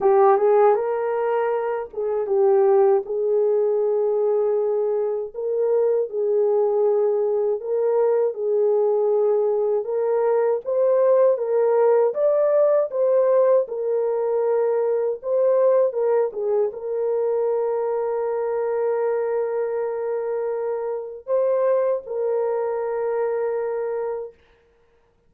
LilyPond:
\new Staff \with { instrumentName = "horn" } { \time 4/4 \tempo 4 = 79 g'8 gis'8 ais'4. gis'8 g'4 | gis'2. ais'4 | gis'2 ais'4 gis'4~ | gis'4 ais'4 c''4 ais'4 |
d''4 c''4 ais'2 | c''4 ais'8 gis'8 ais'2~ | ais'1 | c''4 ais'2. | }